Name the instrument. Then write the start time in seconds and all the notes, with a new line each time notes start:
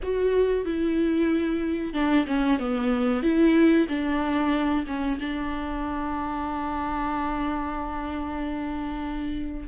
viola
0.03 F#4
0.65 E4
1.93 D4
2.26 C#4
2.59 B3
3.22 E4
3.88 D4
4.86 C#4
5.19 D4